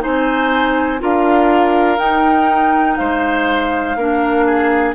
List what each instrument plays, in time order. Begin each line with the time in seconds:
0.00 bassoon C4, clarinet D#4, oboe C5, flute G#5
0.99 bassoon D4, clarinet F4, oboe A#4, flute F5
1.98 bassoon D#4, clarinet D#4, flute G5
2.96 bassoon G#3, oboe C5, flute F5
3.95 bassoon A#3, clarinet D4, oboe A#4
4.46 oboe G#4